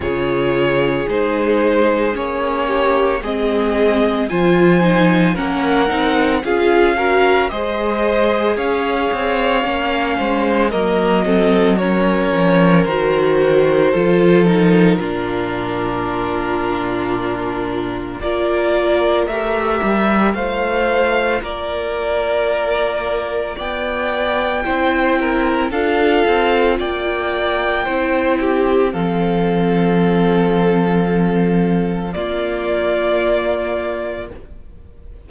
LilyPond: <<
  \new Staff \with { instrumentName = "violin" } { \time 4/4 \tempo 4 = 56 cis''4 c''4 cis''4 dis''4 | gis''4 fis''4 f''4 dis''4 | f''2 dis''4 cis''4 | c''4. ais'2~ ais'8~ |
ais'4 d''4 e''4 f''4 | d''2 g''2 | f''4 g''2 f''4~ | f''2 d''2 | }
  \new Staff \with { instrumentName = "violin" } { \time 4/4 gis'2~ gis'8 g'8 gis'4 | c''4 ais'4 gis'8 ais'8 c''4 | cis''4. c''8 ais'8 a'8 ais'4~ | ais'4 a'4 f'2~ |
f'4 ais'2 c''4 | ais'2 d''4 c''8 ais'8 | a'4 d''4 c''8 g'8 a'4~ | a'2 f'2 | }
  \new Staff \with { instrumentName = "viola" } { \time 4/4 f'4 dis'4 cis'4 c'4 | f'8 dis'8 cis'8 dis'8 f'8 fis'8 gis'4~ | gis'4 cis'4 ais8 c'8 cis'4 | fis'4 f'8 dis'8 d'2~ |
d'4 f'4 g'4 f'4~ | f'2. e'4 | f'2 e'4 c'4~ | c'2 ais2 | }
  \new Staff \with { instrumentName = "cello" } { \time 4/4 cis4 gis4 ais4 gis4 | f4 ais8 c'8 cis'4 gis4 | cis'8 c'8 ais8 gis8 fis4. f8 | dis4 f4 ais,2~ |
ais,4 ais4 a8 g8 a4 | ais2 b4 c'4 | d'8 c'8 ais4 c'4 f4~ | f2 ais2 | }
>>